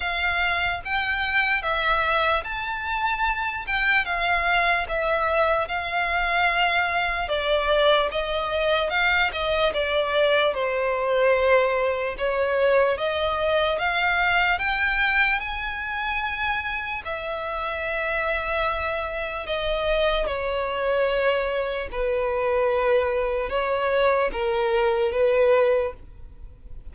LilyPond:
\new Staff \with { instrumentName = "violin" } { \time 4/4 \tempo 4 = 74 f''4 g''4 e''4 a''4~ | a''8 g''8 f''4 e''4 f''4~ | f''4 d''4 dis''4 f''8 dis''8 | d''4 c''2 cis''4 |
dis''4 f''4 g''4 gis''4~ | gis''4 e''2. | dis''4 cis''2 b'4~ | b'4 cis''4 ais'4 b'4 | }